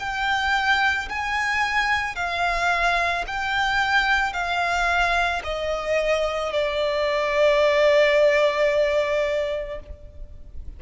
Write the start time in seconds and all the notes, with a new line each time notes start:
0.00 G5
1.10 G#5
2.16 F5
3.28 G5
4.33 F5
5.44 D#5
6.53 D5